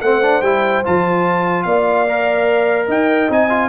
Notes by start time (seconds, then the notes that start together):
0.00 A3 C4 C5 F#5
0.22 D4
0.41 G3 E4 G5
0.84 F3 F4 A5
1.63 A#3 D5 F5
2.08 A#4
2.86 D#4 D#5 G5
3.29 C4 D#4 G#5
3.49 F4